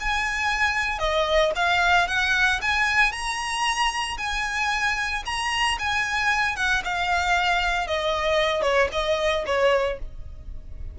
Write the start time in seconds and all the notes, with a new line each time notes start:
0.00 G#5
0.99 D#5
1.56 F5
2.08 F#5
2.61 G#5
3.12 A#5
4.18 G#5
5.26 A#5
5.79 G#5
6.56 F#5
6.84 F5
7.87 D#5
8.62 C#5
8.92 D#5
9.46 C#5